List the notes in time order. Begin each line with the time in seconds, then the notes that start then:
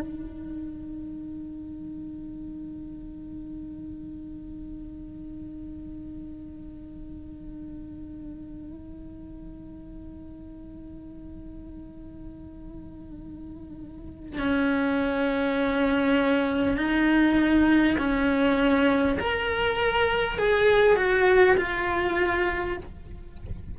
0.00 D#4
14.38 C#4
16.77 D#4
17.98 C#4
19.19 A#4
20.38 G#4
20.96 F#4
21.57 F4